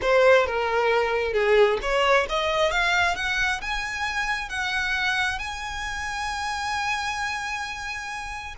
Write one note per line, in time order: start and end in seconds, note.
0.01 0.46 C5
0.46 1.33 A#4
1.33 1.78 G#4
1.81 2.27 C#5
2.29 2.71 D#5
2.71 3.15 F5
3.15 3.60 F#5
3.61 4.49 G#5
4.49 5.38 F#5
5.38 8.54 G#5